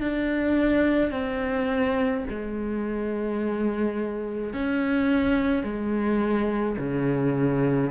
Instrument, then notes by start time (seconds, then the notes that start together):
cello
0.00 D4
1.11 C4
2.29 G#3
4.53 C#4
5.63 G#3
6.78 C#3